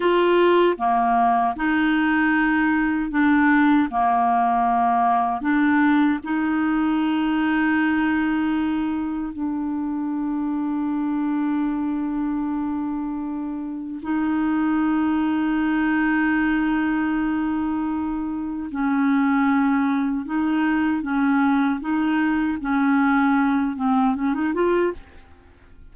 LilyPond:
\new Staff \with { instrumentName = "clarinet" } { \time 4/4 \tempo 4 = 77 f'4 ais4 dis'2 | d'4 ais2 d'4 | dis'1 | d'1~ |
d'2 dis'2~ | dis'1 | cis'2 dis'4 cis'4 | dis'4 cis'4. c'8 cis'16 dis'16 f'8 | }